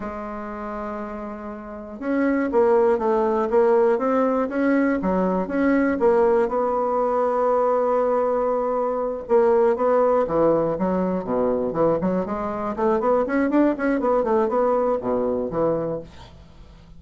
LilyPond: \new Staff \with { instrumentName = "bassoon" } { \time 4/4 \tempo 4 = 120 gis1 | cis'4 ais4 a4 ais4 | c'4 cis'4 fis4 cis'4 | ais4 b2.~ |
b2~ b8 ais4 b8~ | b8 e4 fis4 b,4 e8 | fis8 gis4 a8 b8 cis'8 d'8 cis'8 | b8 a8 b4 b,4 e4 | }